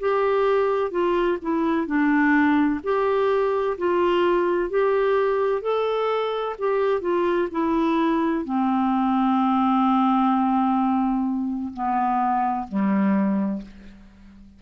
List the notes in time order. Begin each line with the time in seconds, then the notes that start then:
0.00 G4
0.92 F4
1.42 E4
1.87 D4
2.84 G4
3.78 F4
4.70 G4
5.62 A4
6.59 G4
7.01 F4
7.52 E4
8.45 C4
11.74 B3
12.69 G3